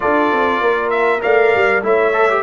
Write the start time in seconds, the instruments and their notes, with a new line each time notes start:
0.00 tuba D4, trombone F4, horn A4, trumpet D5
0.32 tuba C4
0.60 tuba A#3, horn A#4
0.90 trumpet E5
1.20 tuba A3, trombone A#4, horn D5, trumpet F5
1.55 tuba G3
1.82 tuba A3, trombone E4, horn C#5, trumpet E5
2.13 trombone A4
2.29 trombone G4